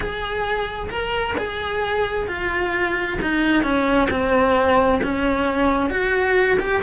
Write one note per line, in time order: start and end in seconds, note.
0.00 0.89 G#4
0.89 1.35 A#4
1.37 2.27 G#4
2.27 3.18 F4
3.21 3.63 D#4
3.63 4.08 C#4
4.10 5.01 C4
5.02 5.89 C#4
5.89 6.58 F#4
6.59 6.82 G4